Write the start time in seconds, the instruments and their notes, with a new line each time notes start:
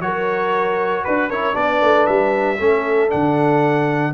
0.00 tuba F#3, trombone F#4, horn A#4, trumpet C#5
1.04 tuba D4, trumpet B4, horn B4
1.29 tuba C#4, trombone E4, horn A#4, trumpet C#5
1.54 tuba B3, trombone D4, horn B4, trumpet D5
1.82 tuba A3
2.06 tuba G3, trumpet E5
2.60 tuba A3, trombone C#4, horn A4
3.09 tuba D3, trombone D4, trumpet F#5